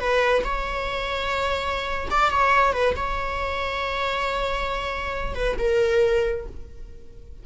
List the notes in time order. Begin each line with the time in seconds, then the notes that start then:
0.00 B4
0.45 C#5
2.11 D5
2.31 C#5
2.73 B4
2.97 C#5
5.35 B4
5.59 A#4